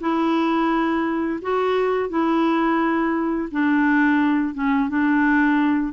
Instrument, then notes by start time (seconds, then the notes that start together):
clarinet
0.00 E4
1.42 F#4
2.09 E4
3.51 D4
4.54 C#4
4.89 D4